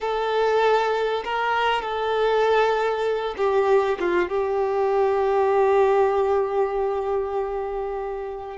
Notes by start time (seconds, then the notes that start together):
0.01 A4
1.24 A#4
1.81 A4
3.37 G4
3.99 F4
4.29 G4